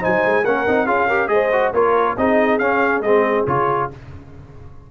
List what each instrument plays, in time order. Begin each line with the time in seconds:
0.00 tuba F#3, trombone D#4, horn C5, trumpet G#5
0.25 tuba G#3
0.44 tuba A#3, trombone C#4, horn A#4, trumpet F#5
0.67 tuba C4, trombone D#4
0.86 tuba C#4, trombone F4, horn G#4, trumpet F5
1.07 trombone G4, horn A#4
1.27 tuba G#3, trombone G#4, horn C5, trumpet D#5
1.52 trombone F#4
1.73 tuba A#3, trombone F4, horn A#4, trumpet C#5
2.17 tuba C4, trombone D#4, horn G#4, trumpet D#5
2.58 tuba C#4, trombone C#4, trumpet F5
3.00 tuba G#3, trombone C4, trumpet D#5
3.47 tuba C#3, trombone F4, trumpet C#5